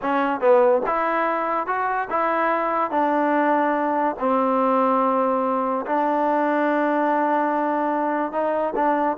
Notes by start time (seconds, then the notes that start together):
0.02 C#4
0.40 B3
0.86 E4
1.66 F#4
2.09 E4
2.90 D4
4.19 C4
5.85 D4
8.32 D#4
8.75 D4